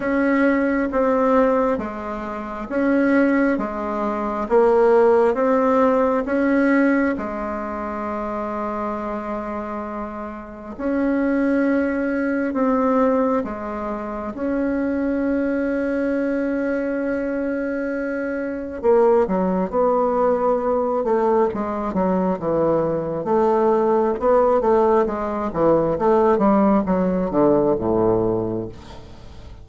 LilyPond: \new Staff \with { instrumentName = "bassoon" } { \time 4/4 \tempo 4 = 67 cis'4 c'4 gis4 cis'4 | gis4 ais4 c'4 cis'4 | gis1 | cis'2 c'4 gis4 |
cis'1~ | cis'4 ais8 fis8 b4. a8 | gis8 fis8 e4 a4 b8 a8 | gis8 e8 a8 g8 fis8 d8 a,4 | }